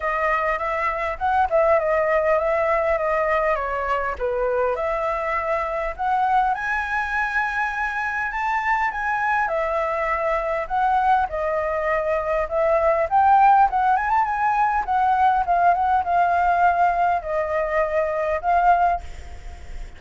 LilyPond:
\new Staff \with { instrumentName = "flute" } { \time 4/4 \tempo 4 = 101 dis''4 e''4 fis''8 e''8 dis''4 | e''4 dis''4 cis''4 b'4 | e''2 fis''4 gis''4~ | gis''2 a''4 gis''4 |
e''2 fis''4 dis''4~ | dis''4 e''4 g''4 fis''8 gis''16 a''16 | gis''4 fis''4 f''8 fis''8 f''4~ | f''4 dis''2 f''4 | }